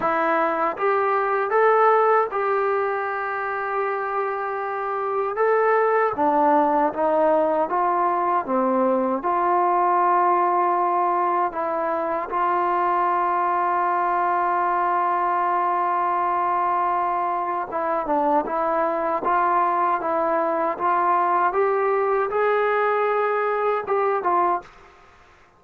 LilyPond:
\new Staff \with { instrumentName = "trombone" } { \time 4/4 \tempo 4 = 78 e'4 g'4 a'4 g'4~ | g'2. a'4 | d'4 dis'4 f'4 c'4 | f'2. e'4 |
f'1~ | f'2. e'8 d'8 | e'4 f'4 e'4 f'4 | g'4 gis'2 g'8 f'8 | }